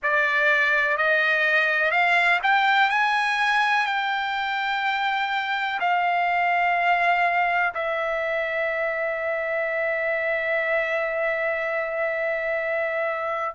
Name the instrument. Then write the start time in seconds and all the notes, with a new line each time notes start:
trumpet
0.03 D5
0.97 D#5
1.91 F5
2.42 G5
2.90 G#5
3.85 G5
5.79 F5
7.74 E5